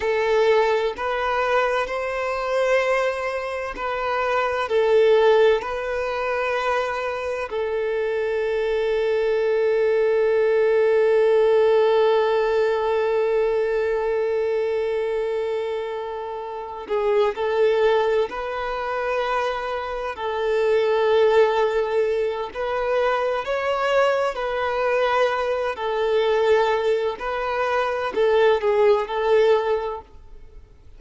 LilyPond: \new Staff \with { instrumentName = "violin" } { \time 4/4 \tempo 4 = 64 a'4 b'4 c''2 | b'4 a'4 b'2 | a'1~ | a'1~ |
a'2 gis'8 a'4 b'8~ | b'4. a'2~ a'8 | b'4 cis''4 b'4. a'8~ | a'4 b'4 a'8 gis'8 a'4 | }